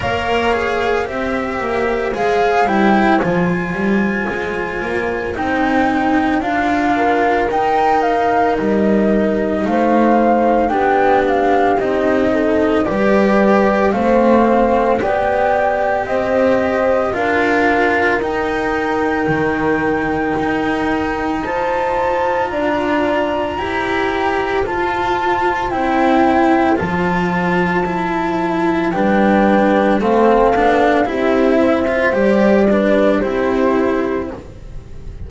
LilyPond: <<
  \new Staff \with { instrumentName = "flute" } { \time 4/4 \tempo 4 = 56 f''4 e''4 f''8 g''8 gis''4~ | gis''4 g''4 f''4 g''8 f''8 | dis''4 f''4 g''8 f''8 dis''4 | d''4 f''4 g''4 dis''4 |
f''4 g''2. | a''4 ais''2 a''4 | g''4 a''2 g''4 | f''4 e''4 d''4 c''4 | }
  \new Staff \with { instrumentName = "horn" } { \time 4/4 cis''4 c''2.~ | c''2~ c''8 ais'4.~ | ais'4 c''4 g'4. a'8 | b'4 c''4 d''4 c''4 |
ais'1 | c''4 d''4 c''2~ | c''2. b'4 | a'4 g'8 c''4 b'8 g'4 | }
  \new Staff \with { instrumentName = "cello" } { \time 4/4 ais'8 gis'8 g'4 gis'8 e'8 f'4~ | f'4 dis'4 f'4 dis'4~ | dis'2 d'4 dis'4 | g'4 c'4 g'2 |
f'4 dis'2. | f'2 g'4 f'4 | e'4 f'4 e'4 d'4 | c'8 d'8 e'8. f'16 g'8 d'8 e'4 | }
  \new Staff \with { instrumentName = "double bass" } { \time 4/4 ais4 c'8 ais8 gis8 g8 f8 g8 | gis8 ais8 c'4 d'4 dis'4 | g4 a4 b4 c'4 | g4 a4 b4 c'4 |
d'4 dis'4 dis4 dis'4~ | dis'4 d'4 e'4 f'4 | c'4 f2 g4 | a8 b8 c'4 g4 c'4 | }
>>